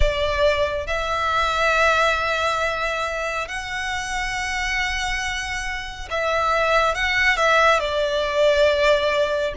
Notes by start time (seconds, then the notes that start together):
0.00 D5
0.87 E5
3.47 F#5
6.10 E5
6.94 F#5
7.37 E5
7.79 D5